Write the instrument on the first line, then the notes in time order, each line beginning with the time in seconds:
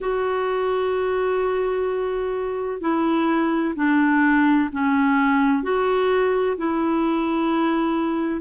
clarinet
0.00 F#4
2.80 E4
3.75 D4
4.72 C#4
5.62 F#4
6.57 E4